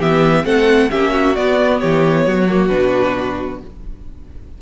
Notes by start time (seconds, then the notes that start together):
0.00 E3 B3 G4 E5
0.44 A3 C4 A4 F#5
0.91 A#3 C#4 G4 E5
1.13 F#4
1.36 B3 D5
1.80 E3 G4 C#5
2.27 F#3 F#4
2.50 A#3
2.68 B2 D4 B4